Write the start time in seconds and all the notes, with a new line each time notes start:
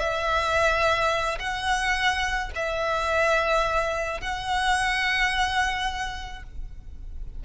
0.00 E5
1.40 F#5
2.56 E5
4.21 F#5